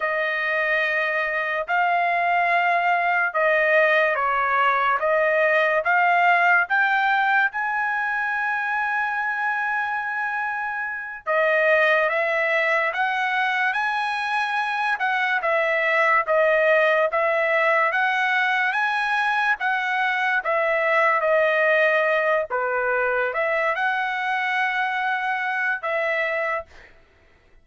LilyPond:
\new Staff \with { instrumentName = "trumpet" } { \time 4/4 \tempo 4 = 72 dis''2 f''2 | dis''4 cis''4 dis''4 f''4 | g''4 gis''2.~ | gis''4. dis''4 e''4 fis''8~ |
fis''8 gis''4. fis''8 e''4 dis''8~ | dis''8 e''4 fis''4 gis''4 fis''8~ | fis''8 e''4 dis''4. b'4 | e''8 fis''2~ fis''8 e''4 | }